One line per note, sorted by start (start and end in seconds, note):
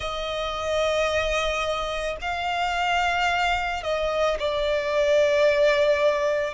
0.00 2.16 D#5
2.21 3.83 F5
3.83 4.37 D#5
4.39 6.54 D5